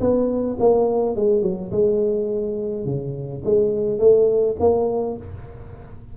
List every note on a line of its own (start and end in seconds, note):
0.00 0.57 B3
0.60 1.16 A#3
1.16 1.42 G#3
1.42 1.71 F#3
1.71 2.85 G#3
2.85 3.43 C#3
3.44 3.99 G#3
3.99 4.56 A3
4.60 5.17 A#3